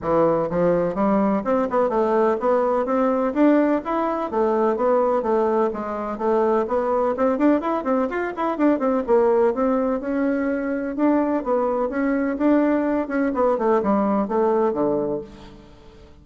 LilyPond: \new Staff \with { instrumentName = "bassoon" } { \time 4/4 \tempo 4 = 126 e4 f4 g4 c'8 b8 | a4 b4 c'4 d'4 | e'4 a4 b4 a4 | gis4 a4 b4 c'8 d'8 |
e'8 c'8 f'8 e'8 d'8 c'8 ais4 | c'4 cis'2 d'4 | b4 cis'4 d'4. cis'8 | b8 a8 g4 a4 d4 | }